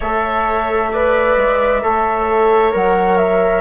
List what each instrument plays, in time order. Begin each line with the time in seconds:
0.00 bassoon A3, trombone A4, viola C#5, flute E5
0.91 trombone B4, viola D5
1.36 bassoon G#3
1.82 bassoon A3, trombone A4, viola C#5
2.72 bassoon F#3, trombone A#4, flute F#5
3.17 flute E5